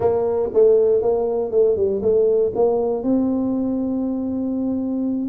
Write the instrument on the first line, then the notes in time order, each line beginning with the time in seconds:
tuba
0.00 A#3
0.53 A3
1.02 A#3
1.51 A3
1.76 G3
2.02 A3
2.55 A#3
3.03 C4